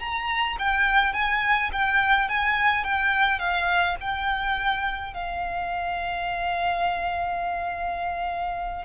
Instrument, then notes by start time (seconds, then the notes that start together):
violin
0.00 A#5
0.59 G5
1.14 G#5
1.73 G5
2.29 G#5
2.84 G5
3.39 F5
4.01 G5
5.14 F5